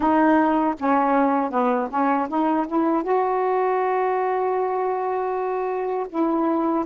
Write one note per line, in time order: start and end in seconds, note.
0.00 0.74 D#4
0.79 1.50 C#4
1.50 1.88 B3
1.90 2.28 C#4
2.28 2.66 D#4
2.67 3.03 E4
3.03 6.07 F#4
6.09 6.85 E4